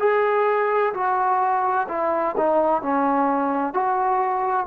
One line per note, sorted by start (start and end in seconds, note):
0.00 0.94 G#4
0.94 1.88 F#4
1.89 2.36 E4
2.37 2.83 D#4
2.83 3.74 C#4
3.74 4.67 F#4